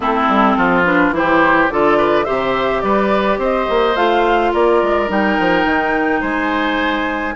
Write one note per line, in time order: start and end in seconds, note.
0.00 0.28 A3
0.00 0.85 C4
0.00 0.57 E4
0.00 0.84 A4
0.28 0.56 G3
0.56 1.10 F3
0.56 1.14 F4
0.84 1.13 D4
0.84 1.13 B4
1.10 1.67 E3
1.10 1.69 E4
1.10 1.69 C5
1.17 1.72 G4
1.69 2.26 D3
1.69 2.25 F4
1.69 1.97 A4
1.69 2.24 D5
1.97 2.25 B4
2.24 2.82 C3
2.24 3.95 G4
2.24 2.81 C5
2.24 2.80 E5
2.80 3.38 G3
2.80 3.39 B4
2.80 3.37 D5
3.38 3.66 C4
3.38 4.52 C5
3.38 3.96 D#5
3.69 3.95 A#3
3.95 4.52 A3
3.95 5.07 F4
3.95 4.52 F5
4.52 4.82 A#3
4.52 6.21 A#4
4.52 5.10 D5
4.82 5.09 G#3
5.07 5.37 G3
5.07 7.33 D#4
5.07 6.22 G5
5.39 5.64 F3
5.64 6.21 D#3
6.21 7.35 G#3
6.21 7.34 C5
6.21 7.35 G#5